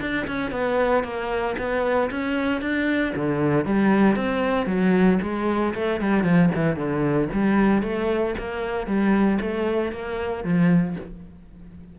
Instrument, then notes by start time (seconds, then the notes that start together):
cello
0.00 D4
0.27 C#4
0.51 B3
1.03 A#3
1.58 B3
2.11 C#4
2.61 D4
3.15 D3
3.65 G3
4.16 C4
4.66 F#3
5.22 G#3
5.74 A3
6.00 G3
6.23 F3
6.55 E3
6.76 D3
7.33 G3
7.82 A3
8.38 A#3
8.86 G3
9.41 A3
9.92 A#3
10.43 F3